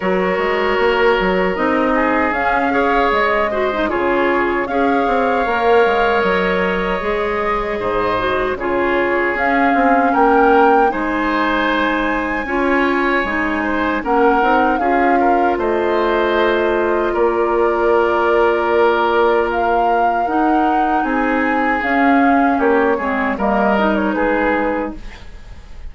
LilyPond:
<<
  \new Staff \with { instrumentName = "flute" } { \time 4/4 \tempo 4 = 77 cis''2 dis''4 f''4 | dis''4 cis''4 f''2 | dis''2. cis''4 | f''4 g''4 gis''2~ |
gis''2 fis''4 f''4 | dis''2 d''2~ | d''4 f''4 fis''4 gis''4 | f''4 cis''4 dis''8. cis''16 b'4 | }
  \new Staff \with { instrumentName = "oboe" } { \time 4/4 ais'2~ ais'8 gis'4 cis''8~ | cis''8 c''8 gis'4 cis''2~ | cis''2 c''4 gis'4~ | gis'4 ais'4 c''2 |
cis''4. c''8 ais'4 gis'8 ais'8 | c''2 ais'2~ | ais'2. gis'4~ | gis'4 g'8 gis'8 ais'4 gis'4 | }
  \new Staff \with { instrumentName = "clarinet" } { \time 4/4 fis'2 dis'4 cis'8 gis'8~ | gis'8 fis'16 dis'16 f'4 gis'4 ais'4~ | ais'4 gis'4. fis'8 f'4 | cis'2 dis'2 |
f'4 dis'4 cis'8 dis'8 f'4~ | f'1~ | f'2 dis'2 | cis'4. c'8 ais8 dis'4. | }
  \new Staff \with { instrumentName = "bassoon" } { \time 4/4 fis8 gis8 ais8 fis8 c'4 cis'4 | gis4 cis4 cis'8 c'8 ais8 gis8 | fis4 gis4 gis,4 cis4 | cis'8 c'8 ais4 gis2 |
cis'4 gis4 ais8 c'8 cis'4 | a2 ais2~ | ais2 dis'4 c'4 | cis'4 ais8 gis8 g4 gis4 | }
>>